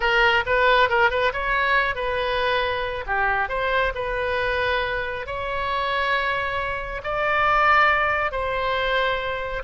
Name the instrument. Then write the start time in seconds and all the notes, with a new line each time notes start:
oboe
0.00 A#4
0.46 B4
0.89 A#4
1.10 B4
1.32 C#5
1.95 B4
3.06 G4
3.48 C5
3.94 B4
5.26 C#5
7.03 D5
8.31 C5